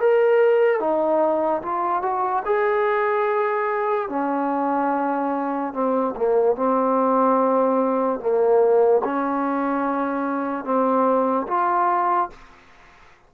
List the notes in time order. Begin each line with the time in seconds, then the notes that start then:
0.00 A#4
0.80 D#4
1.62 F4
2.02 F#4
2.45 G#4
4.09 C#4
5.73 C4
6.16 A#3
6.56 C4
8.20 A#3
9.04 C#4
10.64 C4
11.47 F4